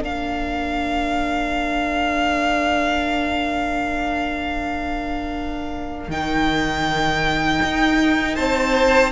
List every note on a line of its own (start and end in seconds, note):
0.00 6.08 A#3
0.00 6.08 D4
0.00 8.35 A#4
0.00 6.10 F5
6.08 7.60 D#3
6.08 9.11 D#4
6.08 8.35 G5
7.62 8.38 D#4
8.35 9.11 C4
8.35 9.11 C5
8.35 9.11 A5